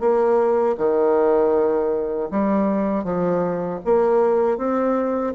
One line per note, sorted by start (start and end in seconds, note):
0.00 0.76 A#3
0.78 2.30 D#3
2.31 3.04 G3
3.04 3.80 F3
3.85 4.58 A#3
4.58 5.34 C4